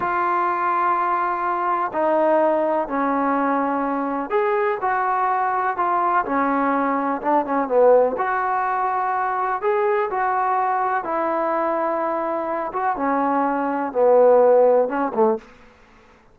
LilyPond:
\new Staff \with { instrumentName = "trombone" } { \time 4/4 \tempo 4 = 125 f'1 | dis'2 cis'2~ | cis'4 gis'4 fis'2 | f'4 cis'2 d'8 cis'8 |
b4 fis'2. | gis'4 fis'2 e'4~ | e'2~ e'8 fis'8 cis'4~ | cis'4 b2 cis'8 a8 | }